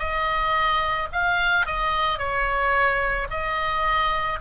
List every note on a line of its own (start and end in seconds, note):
0.00 1.09 D#5
1.13 1.67 F5
1.67 2.19 D#5
2.19 3.28 C#5
3.31 4.40 D#5